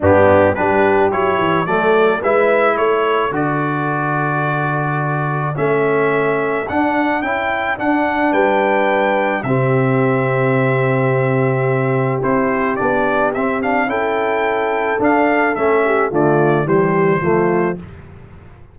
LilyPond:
<<
  \new Staff \with { instrumentName = "trumpet" } { \time 4/4 \tempo 4 = 108 g'4 b'4 cis''4 d''4 | e''4 cis''4 d''2~ | d''2 e''2 | fis''4 g''4 fis''4 g''4~ |
g''4 e''2.~ | e''2 c''4 d''4 | e''8 f''8 g''2 f''4 | e''4 d''4 c''2 | }
  \new Staff \with { instrumentName = "horn" } { \time 4/4 d'4 g'2 a'4 | b'4 a'2.~ | a'1~ | a'2. b'4~ |
b'4 g'2.~ | g'1~ | g'4 a'2.~ | a'8 g'8 f'4 g'4 f'4 | }
  \new Staff \with { instrumentName = "trombone" } { \time 4/4 b4 d'4 e'4 a4 | e'2 fis'2~ | fis'2 cis'2 | d'4 e'4 d'2~ |
d'4 c'2.~ | c'2 e'4 d'4 | c'8 d'8 e'2 d'4 | cis'4 a4 g4 a4 | }
  \new Staff \with { instrumentName = "tuba" } { \time 4/4 g,4 g4 fis8 e8 fis4 | gis4 a4 d2~ | d2 a2 | d'4 cis'4 d'4 g4~ |
g4 c2.~ | c2 c'4 b4 | c'4 cis'2 d'4 | a4 d4 e4 f4 | }
>>